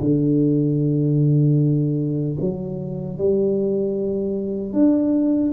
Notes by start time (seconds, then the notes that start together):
0.00 D3
2.41 F#3
3.18 G3
4.73 D4